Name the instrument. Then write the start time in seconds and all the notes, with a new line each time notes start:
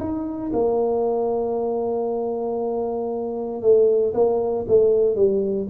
tuba
0.00 D#4
0.53 A#3
3.62 A3
4.14 A#3
4.68 A3
5.16 G3